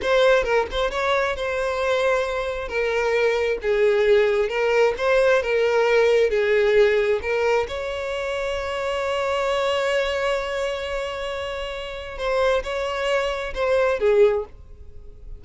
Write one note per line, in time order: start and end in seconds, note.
0.02 0.43 C5
0.43 0.66 A#4
0.71 0.90 C5
0.90 1.35 C#5
1.35 2.68 C5
2.68 3.58 A#4
3.62 4.48 G#4
4.48 4.94 A#4
4.97 5.42 C5
5.42 6.30 A#4
6.30 7.20 G#4
7.21 7.67 A#4
7.68 12.17 C#5
12.17 12.63 C5
12.63 13.53 C#5
13.54 13.99 C5
13.99 14.44 G#4